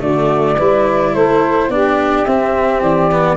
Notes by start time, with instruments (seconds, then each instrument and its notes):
0.00 tuba D3, cello A3, saxophone F#4, flute D5
0.57 tuba G3, cello E4, saxophone B4
1.12 tuba A3, saxophone A4, flute C5
1.69 tuba B3, cello D4, saxophone G4, flute D5
2.25 tuba C4, cello C4, flute E5
2.81 tuba E3, flute D5
3.12 cello B3